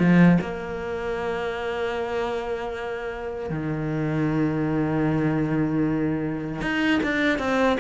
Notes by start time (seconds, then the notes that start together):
0.00 F3
0.41 A#3
3.50 D#3
6.62 D#4
7.03 D4
7.39 C4